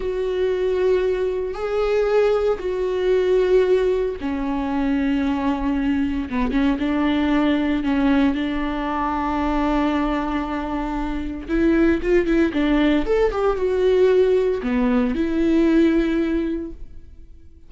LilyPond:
\new Staff \with { instrumentName = "viola" } { \time 4/4 \tempo 4 = 115 fis'2. gis'4~ | gis'4 fis'2. | cis'1 | b8 cis'8 d'2 cis'4 |
d'1~ | d'2 e'4 f'8 e'8 | d'4 a'8 g'8 fis'2 | b4 e'2. | }